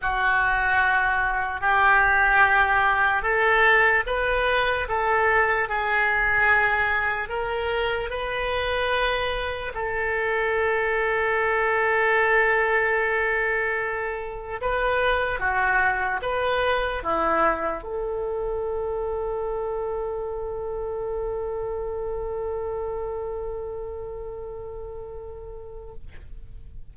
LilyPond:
\new Staff \with { instrumentName = "oboe" } { \time 4/4 \tempo 4 = 74 fis'2 g'2 | a'4 b'4 a'4 gis'4~ | gis'4 ais'4 b'2 | a'1~ |
a'2 b'4 fis'4 | b'4 e'4 a'2~ | a'1~ | a'1 | }